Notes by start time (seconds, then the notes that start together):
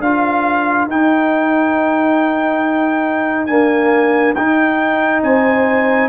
0.00 D4 F4 A#4 F5
0.87 D#4 G5
3.46 A#3 D4 G#5
4.35 D#4 G5
5.23 C4 C5 G#5